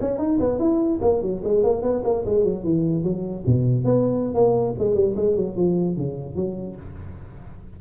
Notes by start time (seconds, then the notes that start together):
0.00 C#4
0.18 D#4
0.39 B3
0.58 E4
1.01 A#3
1.22 F#3
1.44 G#3
1.63 A#3
1.82 B3
2.04 A#3
2.25 G#3
2.44 F#3
2.63 E3
3.03 F#3
3.46 B2
3.84 B3
4.34 A#3
4.78 G#3
4.95 G3
5.16 G#3
5.36 F#3
5.56 F3
5.96 C#3
6.35 F#3